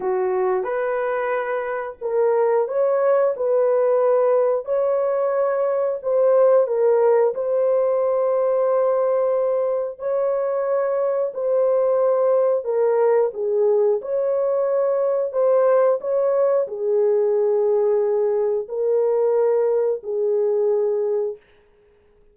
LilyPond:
\new Staff \with { instrumentName = "horn" } { \time 4/4 \tempo 4 = 90 fis'4 b'2 ais'4 | cis''4 b'2 cis''4~ | cis''4 c''4 ais'4 c''4~ | c''2. cis''4~ |
cis''4 c''2 ais'4 | gis'4 cis''2 c''4 | cis''4 gis'2. | ais'2 gis'2 | }